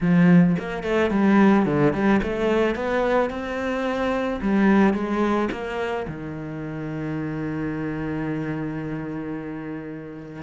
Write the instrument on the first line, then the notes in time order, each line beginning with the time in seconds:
cello
0.01 F3
0.59 A#3
0.83 A3
1.10 G3
1.65 D3
1.93 G3
2.22 A3
2.75 B3
3.30 C4
4.41 G3
4.93 G#3
5.51 A#3
6.07 D#3